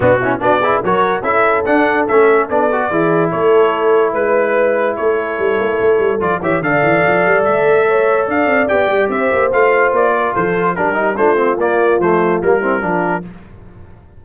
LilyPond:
<<
  \new Staff \with { instrumentName = "trumpet" } { \time 4/4 \tempo 4 = 145 fis'4 d''4 cis''4 e''4 | fis''4 e''4 d''2 | cis''2 b'2 | cis''2. d''8 e''8 |
f''2 e''2 | f''4 g''4 e''4 f''4 | d''4 c''4 ais'4 c''4 | d''4 c''4 ais'2 | }
  \new Staff \with { instrumentName = "horn" } { \time 4/4 d'8 e'8 fis'8 gis'8 ais'4 a'4~ | a'2. gis'4 | a'2 b'2 | a'2.~ a'8 cis''8 |
d''2. cis''4 | d''2 c''2~ | c''8 ais'8 a'4 g'4 f'4~ | f'2~ f'8 e'8 f'4 | }
  \new Staff \with { instrumentName = "trombone" } { \time 4/4 b8 cis'8 d'8 e'8 fis'4 e'4 | d'4 cis'4 d'8 fis'8 e'4~ | e'1~ | e'2. f'8 g'8 |
a'1~ | a'4 g'2 f'4~ | f'2 d'8 dis'8 d'8 c'8 | ais4 a4 ais8 c'8 d'4 | }
  \new Staff \with { instrumentName = "tuba" } { \time 4/4 b,4 b4 fis4 cis'4 | d'4 a4 b4 e4 | a2 gis2 | a4 g8 ais8 a8 g8 f8 e8 |
d8 e8 f8 g8 a2 | d'8 c'8 b8 g8 c'8 ais8 a4 | ais4 f4 g4 a4 | ais4 f4 g4 f4 | }
>>